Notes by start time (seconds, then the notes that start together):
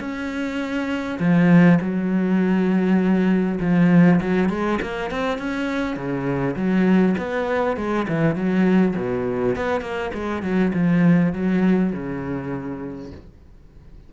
0.00 C#4
1.19 F3
1.81 F#3
3.61 F3
4.20 F#3
4.49 G#3
4.82 A#3
5.11 C4
5.38 C#4
5.96 C#3
6.56 F#3
7.18 B3
7.77 G#3
8.08 E3
8.35 F#3
8.96 B2
9.56 B3
9.81 A#3
10.14 G#3
10.43 F#3
10.74 F3
11.33 F#3
11.92 C#3